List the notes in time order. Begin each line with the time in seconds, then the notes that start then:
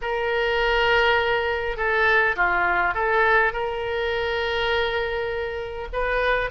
0.01 A#4
1.76 A4
2.35 F4
2.94 A4
3.52 A#4
5.92 B4